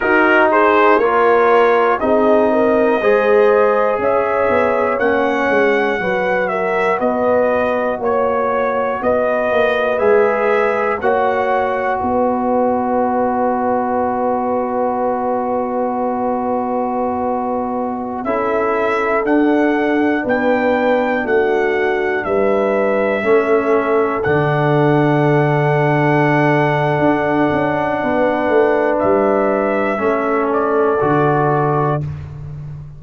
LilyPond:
<<
  \new Staff \with { instrumentName = "trumpet" } { \time 4/4 \tempo 4 = 60 ais'8 c''8 cis''4 dis''2 | e''4 fis''4. e''8 dis''4 | cis''4 dis''4 e''4 fis''4 | dis''1~ |
dis''2~ dis''16 e''4 fis''8.~ | fis''16 g''4 fis''4 e''4.~ e''16~ | e''16 fis''2.~ fis''8.~ | fis''4 e''4. d''4. | }
  \new Staff \with { instrumentName = "horn" } { \time 4/4 fis'8 gis'8 ais'4 gis'8 ais'8 c''4 | cis''2 b'8 ais'8 b'4 | cis''4 b'2 cis''4 | b'1~ |
b'2~ b'16 a'4.~ a'16~ | a'16 b'4 fis'4 b'4 a'8.~ | a'1 | b'2 a'2 | }
  \new Staff \with { instrumentName = "trombone" } { \time 4/4 dis'4 f'4 dis'4 gis'4~ | gis'4 cis'4 fis'2~ | fis'2 gis'4 fis'4~ | fis'1~ |
fis'2~ fis'16 e'4 d'8.~ | d'2.~ d'16 cis'8.~ | cis'16 d'2.~ d'8.~ | d'2 cis'4 fis'4 | }
  \new Staff \with { instrumentName = "tuba" } { \time 4/4 dis'4 ais4 c'4 gis4 | cis'8 b8 ais8 gis8 fis4 b4 | ais4 b8 ais8 gis4 ais4 | b1~ |
b2~ b16 cis'4 d'8.~ | d'16 b4 a4 g4 a8.~ | a16 d2~ d8. d'8 cis'8 | b8 a8 g4 a4 d4 | }
>>